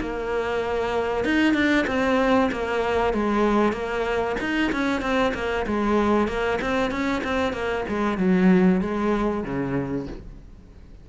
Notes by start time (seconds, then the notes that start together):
0.00 A#3
1.24 D#4
1.54 D4
1.87 C4
2.51 A#3
3.13 G#3
3.72 A#3
4.40 D#4
4.72 C#4
5.01 C4
5.34 A#3
5.66 G#3
6.28 A#3
6.61 C4
6.91 C#4
7.24 C4
7.53 A#3
7.89 G#3
8.17 F#3
8.81 G#3
9.44 C#3